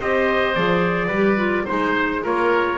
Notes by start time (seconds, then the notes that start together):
0.00 C4 G4 C5 D#5
0.55 F3 G#4 D5
1.08 G3 B4
1.14 G4
1.37 F4
1.66 G#3 D#4 C5
2.22 A#3 F4 A#4 C#5